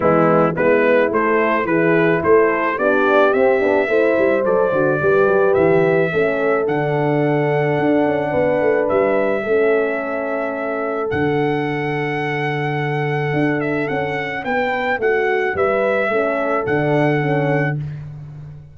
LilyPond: <<
  \new Staff \with { instrumentName = "trumpet" } { \time 4/4 \tempo 4 = 108 e'4 b'4 c''4 b'4 | c''4 d''4 e''2 | d''2 e''2 | fis''1 |
e''1 | fis''1~ | fis''8 e''8 fis''4 g''4 fis''4 | e''2 fis''2 | }
  \new Staff \with { instrumentName = "horn" } { \time 4/4 b4 e'2 gis'4 | a'4 g'2 c''4~ | c''4 b'2 a'4~ | a'2. b'4~ |
b'4 a'2.~ | a'1~ | a'2 b'4 fis'4 | b'4 a'2. | }
  \new Staff \with { instrumentName = "horn" } { \time 4/4 gis4 b4 a4 e'4~ | e'4 d'4 c'8 d'8 e'4 | a'8 fis'8 g'2 cis'4 | d'1~ |
d'4 cis'2. | d'1~ | d'1~ | d'4 cis'4 d'4 cis'4 | }
  \new Staff \with { instrumentName = "tuba" } { \time 4/4 e4 gis4 a4 e4 | a4 b4 c'8 b8 a8 g8 | fis8 d8 g8 fis8 e4 a4 | d2 d'8 cis'8 b8 a8 |
g4 a2. | d1 | d'4 cis'4 b4 a4 | g4 a4 d2 | }
>>